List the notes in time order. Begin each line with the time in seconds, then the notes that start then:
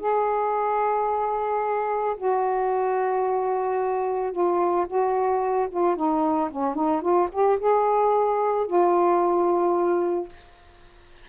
0.00 G#4
2.17 F#4
4.32 F4
4.87 F#4
5.71 F4
5.96 D#4
6.51 C#4
6.75 D#4
7.02 F4
7.32 G4
7.59 G#4
8.67 F4